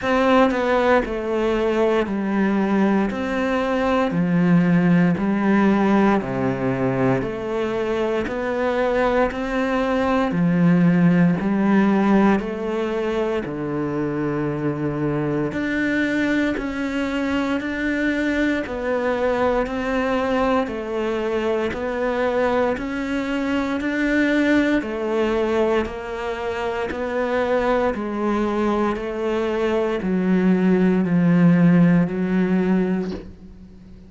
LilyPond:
\new Staff \with { instrumentName = "cello" } { \time 4/4 \tempo 4 = 58 c'8 b8 a4 g4 c'4 | f4 g4 c4 a4 | b4 c'4 f4 g4 | a4 d2 d'4 |
cis'4 d'4 b4 c'4 | a4 b4 cis'4 d'4 | a4 ais4 b4 gis4 | a4 fis4 f4 fis4 | }